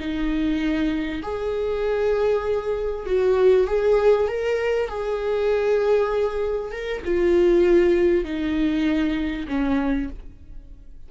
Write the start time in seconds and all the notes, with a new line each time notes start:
0.00 D#4
1.23 G#4
3.06 F#4
3.68 G#4
4.28 A#4
4.89 G#4
6.72 A#4
7.05 F4
8.25 D#4
9.48 C#4